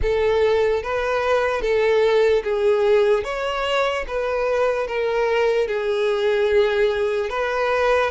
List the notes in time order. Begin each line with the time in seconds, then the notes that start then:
0.02 A4
0.83 B4
1.61 A4
2.43 G#4
3.24 C#5
4.07 B4
4.87 A#4
5.68 G#4
7.29 B4